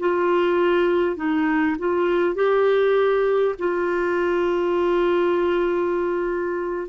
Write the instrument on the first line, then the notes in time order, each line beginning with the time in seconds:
clarinet
0.00 F4
1.17 D#4
1.79 F4
2.35 G4
3.59 F4